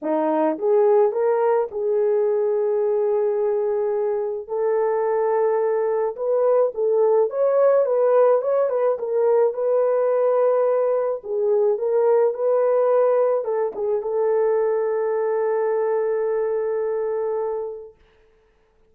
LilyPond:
\new Staff \with { instrumentName = "horn" } { \time 4/4 \tempo 4 = 107 dis'4 gis'4 ais'4 gis'4~ | gis'1 | a'2. b'4 | a'4 cis''4 b'4 cis''8 b'8 |
ais'4 b'2. | gis'4 ais'4 b'2 | a'8 gis'8 a'2.~ | a'1 | }